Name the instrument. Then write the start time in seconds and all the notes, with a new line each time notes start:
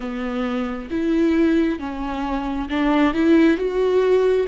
viola
0.00 B3
0.90 E4
1.79 C#4
2.69 D4
3.13 E4
3.57 F#4